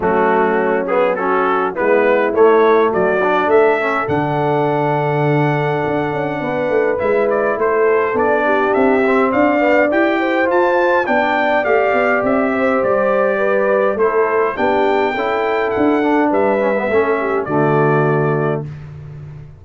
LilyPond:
<<
  \new Staff \with { instrumentName = "trumpet" } { \time 4/4 \tempo 4 = 103 fis'4. gis'8 a'4 b'4 | cis''4 d''4 e''4 fis''4~ | fis''1 | e''8 d''8 c''4 d''4 e''4 |
f''4 g''4 a''4 g''4 | f''4 e''4 d''2 | c''4 g''2 fis''4 | e''2 d''2 | }
  \new Staff \with { instrumentName = "horn" } { \time 4/4 cis'2 fis'4 e'4~ | e'4 fis'4 a'2~ | a'2. b'4~ | b'4 a'4. g'4. |
d''4. c''4. d''4~ | d''4. c''4. b'4 | a'4 g'4 a'2 | b'4 a'8 g'8 fis'2 | }
  \new Staff \with { instrumentName = "trombone" } { \time 4/4 a4. b8 cis'4 b4 | a4. d'4 cis'8 d'4~ | d'1 | e'2 d'4. c'8~ |
c'8 b8 g'4 f'4 d'4 | g'1 | e'4 d'4 e'4. d'8~ | d'8 cis'16 b16 cis'4 a2 | }
  \new Staff \with { instrumentName = "tuba" } { \time 4/4 fis2. gis4 | a4 fis4 a4 d4~ | d2 d'8 cis'8 b8 a8 | gis4 a4 b4 c'4 |
d'4 e'4 f'4 b4 | a8 b8 c'4 g2 | a4 b4 cis'4 d'4 | g4 a4 d2 | }
>>